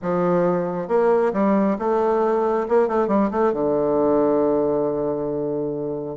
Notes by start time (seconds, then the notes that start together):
0.02 F3
0.88 A#3
1.33 G3
1.79 A3
2.68 A#3
2.87 A3
3.07 G3
3.30 A3
3.53 D3